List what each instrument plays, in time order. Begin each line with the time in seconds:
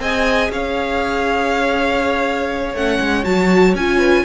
0.00 cello C4, viola G#4, violin D#5 G#5
0.50 cello C#4, violin C#5 F5
2.74 cello A3, viola C#4, violin F#5
3.00 cello G#3
3.24 cello F#3, viola F#4, violin A5
3.75 cello C#4, viola F4, violin G#5
3.98 violin B4